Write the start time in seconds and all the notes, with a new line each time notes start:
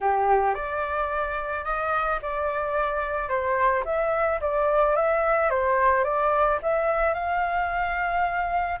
0.01 G4
0.54 D5
1.64 D#5
2.21 D5
3.28 C5
3.85 E5
4.40 D5
4.95 E5
5.50 C5
6.04 D5
6.62 E5
7.14 F5